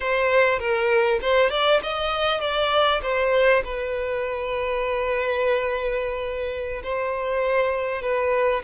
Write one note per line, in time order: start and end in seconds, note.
0.00 0.59 C5
0.59 1.19 A#4
1.21 1.50 C5
1.50 1.80 D5
1.82 2.40 D#5
2.40 3.01 D5
3.02 3.63 C5
3.64 6.82 B4
6.83 8.02 C5
8.02 8.62 B4